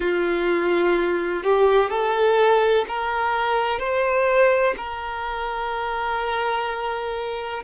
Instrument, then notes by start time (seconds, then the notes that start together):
violin
0.00 F4
1.43 G4
1.90 A4
2.87 A#4
3.79 C5
4.77 A#4